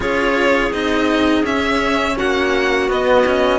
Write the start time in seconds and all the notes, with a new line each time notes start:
0.00 C#4 F4 G#4 C#5
0.72 C4 D#4 D#5
1.43 C#4 E5
2.16 A#3 F#4 F#5
2.87 B3 D#5
3.26 C#4